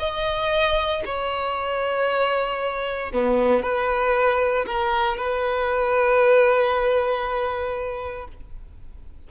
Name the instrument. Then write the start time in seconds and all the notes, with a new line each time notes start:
violin
0.00 D#5
1.06 C#5
3.12 B3
3.63 B4
4.66 A#4
5.17 B4